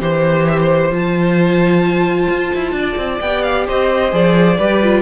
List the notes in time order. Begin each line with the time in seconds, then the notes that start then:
0.00 E3 G4 C5
0.48 E5
0.60 C5
0.90 F3 F4 A5
2.30 F4
2.55 E4
2.72 D4
2.78 D5
2.97 C4
3.21 B3 G4 G5
3.42 F5
3.67 C4 C5 D#5
4.11 F3 G#4 D5
4.58 G3 G4 B4
4.83 F4